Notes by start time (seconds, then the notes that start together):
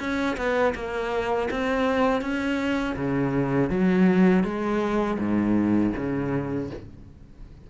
0.00 C#4
0.37 B3
0.75 A#3
1.51 C4
2.22 C#4
2.96 C#3
3.70 F#3
4.44 G#3
5.19 G#2
5.96 C#3